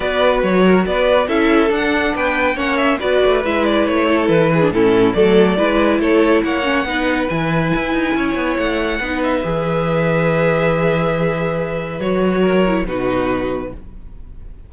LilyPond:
<<
  \new Staff \with { instrumentName = "violin" } { \time 4/4 \tempo 4 = 140 d''4 cis''4 d''4 e''4 | fis''4 g''4 fis''8 e''8 d''4 | e''8 d''8 cis''4 b'4 a'4 | d''2 cis''4 fis''4~ |
fis''4 gis''2. | fis''4. e''2~ e''8~ | e''1 | cis''2 b'2 | }
  \new Staff \with { instrumentName = "violin" } { \time 4/4 b'4. ais'8 b'4 a'4~ | a'4 b'4 cis''4 b'4~ | b'4. a'4 gis'8 e'4 | a'4 b'4 a'4 cis''4 |
b'2. cis''4~ | cis''4 b'2.~ | b'1~ | b'4 ais'4 fis'2 | }
  \new Staff \with { instrumentName = "viola" } { \time 4/4 fis'2. e'4 | d'2 cis'4 fis'4 | e'2~ e'8. d'16 cis'4 | a4 e'2~ e'8 cis'8 |
dis'4 e'2.~ | e'4 dis'4 gis'2~ | gis'1 | fis'4. e'8 dis'2 | }
  \new Staff \with { instrumentName = "cello" } { \time 4/4 b4 fis4 b4 cis'4 | d'4 b4 ais4 b8 a8 | gis4 a4 e4 a,4 | fis4 gis4 a4 ais4 |
b4 e4 e'8 dis'8 cis'8 b8 | a4 b4 e2~ | e1 | fis2 b,2 | }
>>